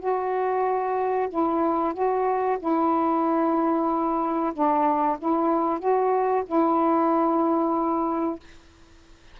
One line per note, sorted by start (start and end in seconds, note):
0.00 1.29 F#4
1.30 1.94 E4
1.94 2.58 F#4
2.60 4.53 E4
4.54 5.18 D4
5.19 5.79 E4
5.79 6.44 F#4
6.47 8.40 E4